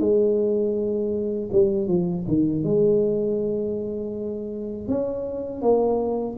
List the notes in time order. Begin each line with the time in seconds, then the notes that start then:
0.00 G#3
1.52 G3
1.88 F3
2.28 D#3
2.64 G#3
4.88 C#4
5.62 A#3